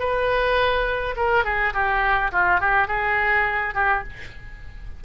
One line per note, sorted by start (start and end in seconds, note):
0.00 1.15 B4
1.16 1.45 A#4
1.45 1.74 G#4
1.74 2.32 G4
2.33 2.61 F4
2.61 2.88 G4
2.88 3.74 G#4
3.75 4.04 G4